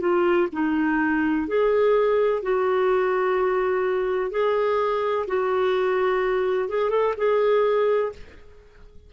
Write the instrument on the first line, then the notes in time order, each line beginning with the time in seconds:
clarinet
0.00 F4
0.52 D#4
1.48 G#4
2.43 F#4
4.31 G#4
5.27 F#4
6.69 G#4
6.90 A4
7.17 G#4